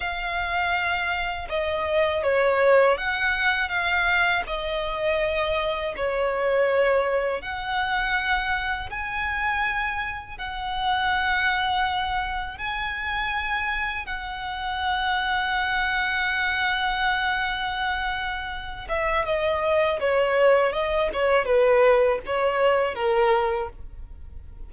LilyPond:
\new Staff \with { instrumentName = "violin" } { \time 4/4 \tempo 4 = 81 f''2 dis''4 cis''4 | fis''4 f''4 dis''2 | cis''2 fis''2 | gis''2 fis''2~ |
fis''4 gis''2 fis''4~ | fis''1~ | fis''4. e''8 dis''4 cis''4 | dis''8 cis''8 b'4 cis''4 ais'4 | }